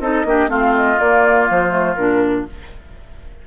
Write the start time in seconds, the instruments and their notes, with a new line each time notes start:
0.00 bassoon C4, clarinet D#4, oboe A4, flute D#5
0.25 bassoon A#3, clarinet D4, oboe G4
0.48 bassoon A3, clarinet C4, oboe F4, flute F5
0.76 flute D#5
1.00 bassoon A#3, clarinet A#3, flute D5
1.50 bassoon F3, flute C5
1.70 clarinet A3
1.95 bassoon A#2, clarinet D4, flute A#4